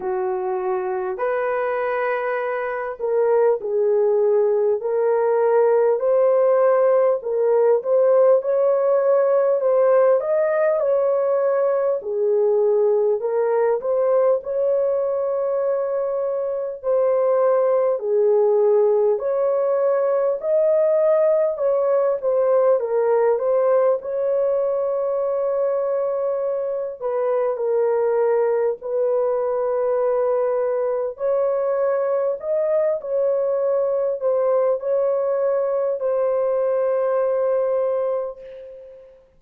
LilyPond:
\new Staff \with { instrumentName = "horn" } { \time 4/4 \tempo 4 = 50 fis'4 b'4. ais'8 gis'4 | ais'4 c''4 ais'8 c''8 cis''4 | c''8 dis''8 cis''4 gis'4 ais'8 c''8 | cis''2 c''4 gis'4 |
cis''4 dis''4 cis''8 c''8 ais'8 c''8 | cis''2~ cis''8 b'8 ais'4 | b'2 cis''4 dis''8 cis''8~ | cis''8 c''8 cis''4 c''2 | }